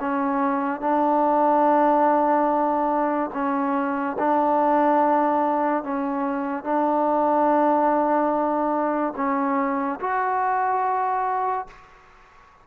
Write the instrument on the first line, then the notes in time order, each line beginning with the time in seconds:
trombone
0.00 C#4
0.80 D4
3.33 C#4
4.18 D4
5.83 C#4
6.64 D4
9.16 C#4
10.00 F#4